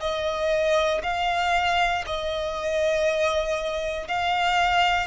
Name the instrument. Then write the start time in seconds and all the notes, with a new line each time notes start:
violin
0.00 D#5
1.03 F5
2.06 D#5
4.07 F5